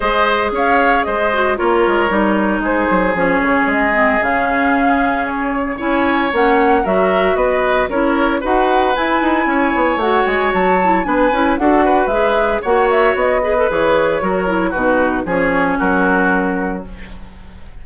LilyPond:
<<
  \new Staff \with { instrumentName = "flute" } { \time 4/4 \tempo 4 = 114 dis''4 f''4 dis''4 cis''4~ | cis''4 c''4 cis''4 dis''4 | f''2 cis''4 gis''4 | fis''4 e''4 dis''4 cis''4 |
fis''4 gis''2 fis''8 gis''8 | a''4 gis''4 fis''4 e''4 | fis''8 e''8 dis''4 cis''2 | b'4 cis''4 ais'2 | }
  \new Staff \with { instrumentName = "oboe" } { \time 4/4 c''4 cis''4 c''4 ais'4~ | ais'4 gis'2.~ | gis'2. cis''4~ | cis''4 ais'4 b'4 ais'4 |
b'2 cis''2~ | cis''4 b'4 a'8 b'4. | cis''4. b'4. ais'4 | fis'4 gis'4 fis'2 | }
  \new Staff \with { instrumentName = "clarinet" } { \time 4/4 gis'2~ gis'8 fis'8 f'4 | dis'2 cis'4. c'8 | cis'2. e'4 | cis'4 fis'2 e'4 |
fis'4 e'2 fis'4~ | fis'8 e'8 d'8 e'8 fis'4 gis'4 | fis'4. gis'16 a'16 gis'4 fis'8 e'8 | dis'4 cis'2. | }
  \new Staff \with { instrumentName = "bassoon" } { \time 4/4 gis4 cis'4 gis4 ais8 gis8 | g4 gis8 fis8 f8 cis8 gis4 | cis2. cis'4 | ais4 fis4 b4 cis'4 |
dis'4 e'8 dis'8 cis'8 b8 a8 gis8 | fis4 b8 cis'8 d'4 gis4 | ais4 b4 e4 fis4 | b,4 f4 fis2 | }
>>